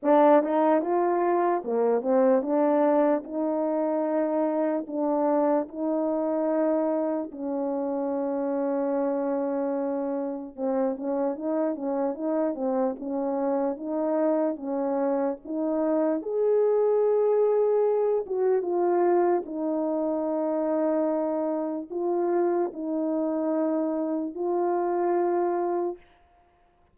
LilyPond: \new Staff \with { instrumentName = "horn" } { \time 4/4 \tempo 4 = 74 d'8 dis'8 f'4 ais8 c'8 d'4 | dis'2 d'4 dis'4~ | dis'4 cis'2.~ | cis'4 c'8 cis'8 dis'8 cis'8 dis'8 c'8 |
cis'4 dis'4 cis'4 dis'4 | gis'2~ gis'8 fis'8 f'4 | dis'2. f'4 | dis'2 f'2 | }